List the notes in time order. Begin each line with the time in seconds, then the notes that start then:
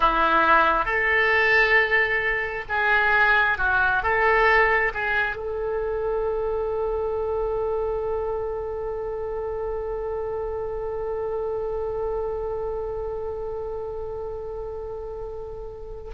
0.00 E4
0.85 A4
2.69 G#4
3.57 F#4
4.03 A4
4.94 G#4
5.36 A4